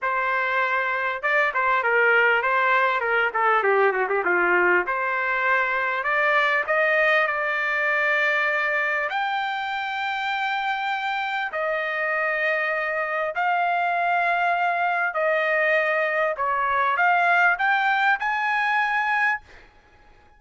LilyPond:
\new Staff \with { instrumentName = "trumpet" } { \time 4/4 \tempo 4 = 99 c''2 d''8 c''8 ais'4 | c''4 ais'8 a'8 g'8 fis'16 g'16 f'4 | c''2 d''4 dis''4 | d''2. g''4~ |
g''2. dis''4~ | dis''2 f''2~ | f''4 dis''2 cis''4 | f''4 g''4 gis''2 | }